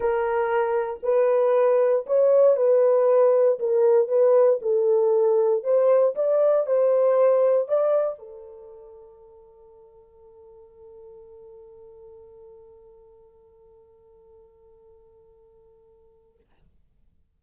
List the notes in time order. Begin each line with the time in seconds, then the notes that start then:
0.00 A#4
1.03 B4
2.06 C#5
2.56 B4
3.59 A#4
4.08 B4
4.61 A4
5.63 C5
6.15 D5
6.66 C5
7.68 D5
8.18 A4